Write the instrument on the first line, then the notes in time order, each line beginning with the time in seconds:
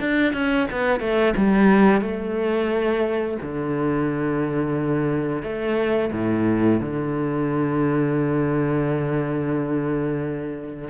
cello
0.00 D4
0.33 C#4
0.71 B3
1.00 A3
1.36 G3
2.01 A3
3.42 D3
5.43 A3
6.12 A2
6.80 D3